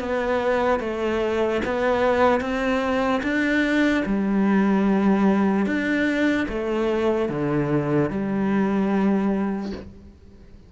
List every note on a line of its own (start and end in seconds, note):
0.00 0.80 B3
0.80 1.61 A3
1.65 2.41 B3
2.41 3.22 C4
3.23 4.04 D4
4.05 5.66 G3
5.66 6.48 D4
6.49 7.29 A3
7.29 8.10 D3
8.10 9.73 G3